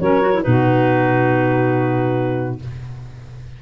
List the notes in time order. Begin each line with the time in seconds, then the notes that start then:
0.00 F#3 C#4 A#4 C#5
0.22 F#4
0.33 E4
0.43 B2 D#4 F#4 B4